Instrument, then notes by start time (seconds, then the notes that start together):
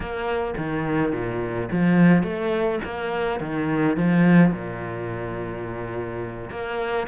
cello
0.00 A#3
0.57 D#3
1.12 A#2
1.71 F3
2.23 A3
2.84 A#3
3.40 D#3
3.96 F3
4.52 A#2
6.51 A#3